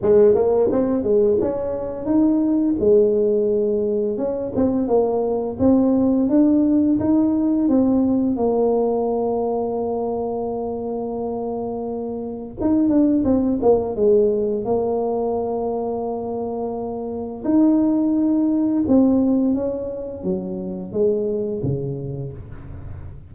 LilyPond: \new Staff \with { instrumentName = "tuba" } { \time 4/4 \tempo 4 = 86 gis8 ais8 c'8 gis8 cis'4 dis'4 | gis2 cis'8 c'8 ais4 | c'4 d'4 dis'4 c'4 | ais1~ |
ais2 dis'8 d'8 c'8 ais8 | gis4 ais2.~ | ais4 dis'2 c'4 | cis'4 fis4 gis4 cis4 | }